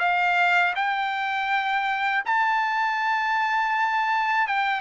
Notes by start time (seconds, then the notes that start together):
0.00 F5
0.76 G5
2.26 A5
4.47 G5